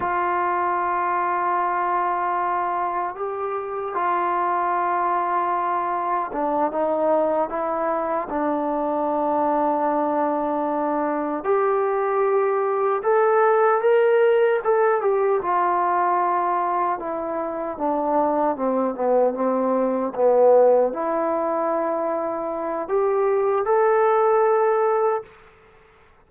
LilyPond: \new Staff \with { instrumentName = "trombone" } { \time 4/4 \tempo 4 = 76 f'1 | g'4 f'2. | d'8 dis'4 e'4 d'4.~ | d'2~ d'8 g'4.~ |
g'8 a'4 ais'4 a'8 g'8 f'8~ | f'4. e'4 d'4 c'8 | b8 c'4 b4 e'4.~ | e'4 g'4 a'2 | }